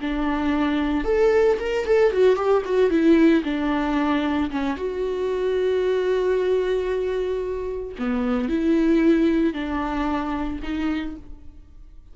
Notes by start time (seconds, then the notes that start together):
0.00 D4
1.04 A4
1.59 A#4
1.85 A4
2.12 F#4
2.36 G4
2.65 F#4
2.90 E4
3.43 D4
4.50 C#4
4.76 F#4
7.98 B3
8.48 E4
9.53 D4
10.62 D#4